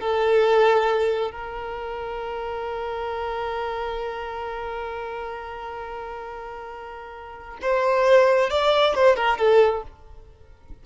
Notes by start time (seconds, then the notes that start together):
0.00 A4
1.31 A#4
7.61 C5
8.50 D5
8.94 C5
9.15 A#4
9.38 A4